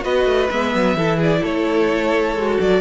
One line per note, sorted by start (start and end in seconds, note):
0.00 0.25 B3
0.00 0.47 F#4
0.00 0.96 B4
0.00 0.49 D#5
0.25 0.48 A3
0.49 0.74 G#3
0.49 0.96 B3
0.49 1.19 E5
0.74 0.94 F#3
0.94 1.41 E3
0.94 2.36 E4
0.94 1.17 A4
1.17 1.40 G#4
1.17 1.44 D5
1.41 2.34 A3
1.41 2.80 A4
1.41 2.60 C#5
2.34 2.58 G#3
2.34 2.81 F#4
2.59 2.81 F#3
2.59 2.81 D5